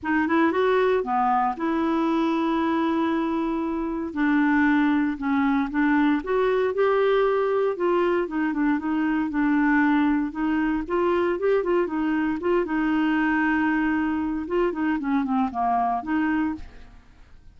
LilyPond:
\new Staff \with { instrumentName = "clarinet" } { \time 4/4 \tempo 4 = 116 dis'8 e'8 fis'4 b4 e'4~ | e'1 | d'2 cis'4 d'4 | fis'4 g'2 f'4 |
dis'8 d'8 dis'4 d'2 | dis'4 f'4 g'8 f'8 dis'4 | f'8 dis'2.~ dis'8 | f'8 dis'8 cis'8 c'8 ais4 dis'4 | }